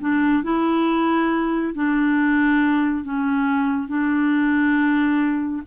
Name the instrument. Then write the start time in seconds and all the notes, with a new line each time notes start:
clarinet
0.00 D4
0.43 E4
1.74 D4
3.04 C#4
3.88 D4